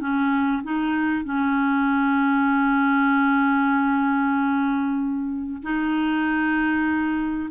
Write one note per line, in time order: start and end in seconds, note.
0.00 0.62 C#4
0.63 1.24 D#4
1.24 5.62 C#4
5.62 7.50 D#4